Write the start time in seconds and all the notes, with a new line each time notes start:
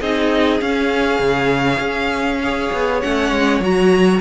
0.00 C4 D#4 G#4 D#5
0.59 C#4 F5
1.19 C#3
1.79 C#4
2.43 G#4 C#5
2.72 B3
3.00 A3 C#4 F#5
3.31 G#3
3.59 F#3 F#4 A#5